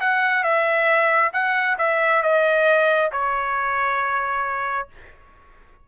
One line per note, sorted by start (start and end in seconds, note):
0.00 0.43 F#5
0.43 1.32 E5
1.33 1.77 F#5
1.78 2.22 E5
2.23 3.11 D#5
3.12 4.88 C#5